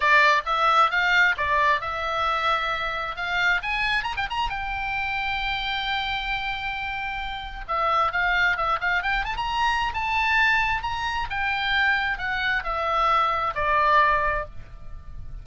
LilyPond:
\new Staff \with { instrumentName = "oboe" } { \time 4/4 \tempo 4 = 133 d''4 e''4 f''4 d''4 | e''2. f''4 | gis''4 ais''16 g''16 ais''8 g''2~ | g''1~ |
g''4 e''4 f''4 e''8 f''8 | g''8 a''16 ais''4~ ais''16 a''2 | ais''4 g''2 fis''4 | e''2 d''2 | }